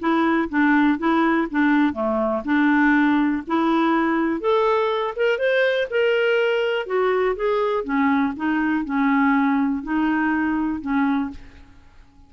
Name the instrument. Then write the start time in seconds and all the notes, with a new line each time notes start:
clarinet
0.00 E4
0.50 D4
0.99 E4
1.52 D4
1.94 A3
2.45 D4
3.48 E4
4.41 A4
5.17 A#4
5.39 C5
5.91 A#4
6.87 F#4
7.36 G#4
7.85 C#4
8.37 D#4
8.85 C#4
9.84 D#4
10.82 C#4